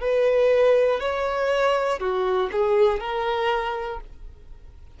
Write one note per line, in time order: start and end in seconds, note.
0.00 1.00 B4
1.00 1.99 C#5
1.99 2.49 F#4
2.52 3.00 G#4
3.00 4.00 A#4